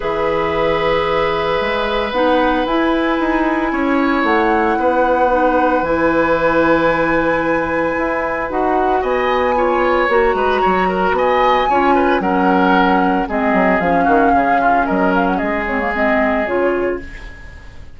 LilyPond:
<<
  \new Staff \with { instrumentName = "flute" } { \time 4/4 \tempo 4 = 113 e''1 | fis''4 gis''2. | fis''2. gis''4~ | gis''1 |
fis''4 gis''2 ais''4~ | ais''4 gis''2 fis''4~ | fis''4 dis''4 f''2 | dis''8 f''16 fis''16 dis''8 cis''8 dis''4 cis''4 | }
  \new Staff \with { instrumentName = "oboe" } { \time 4/4 b'1~ | b'2. cis''4~ | cis''4 b'2.~ | b'1~ |
b'4 dis''4 cis''4. b'8 | cis''8 ais'8 dis''4 cis''8 b'8 ais'4~ | ais'4 gis'4. fis'8 gis'8 f'8 | ais'4 gis'2. | }
  \new Staff \with { instrumentName = "clarinet" } { \time 4/4 gis'1 | dis'4 e'2.~ | e'2 dis'4 e'4~ | e'1 |
fis'2 f'4 fis'4~ | fis'2 f'4 cis'4~ | cis'4 c'4 cis'2~ | cis'4. c'16 ais16 c'4 f'4 | }
  \new Staff \with { instrumentName = "bassoon" } { \time 4/4 e2. gis4 | b4 e'4 dis'4 cis'4 | a4 b2 e4~ | e2. e'4 |
dis'4 b2 ais8 gis8 | fis4 b4 cis'4 fis4~ | fis4 gis8 fis8 f8 dis8 cis4 | fis4 gis2 cis4 | }
>>